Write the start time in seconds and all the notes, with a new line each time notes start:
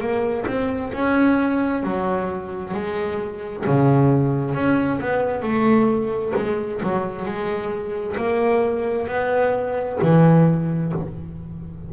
0.00 A#3
0.47 C4
0.93 C#4
1.83 F#3
2.74 G#3
3.67 C#3
4.55 C#4
5.00 B3
5.42 A3
6.36 G#3
6.83 F#3
7.25 G#3
8.17 A#3
9.07 B3
10.02 E3